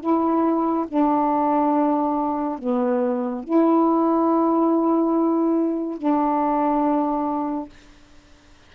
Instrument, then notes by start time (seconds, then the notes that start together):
saxophone
0.00 E4
0.88 D4
2.59 B3
3.44 E4
5.97 D4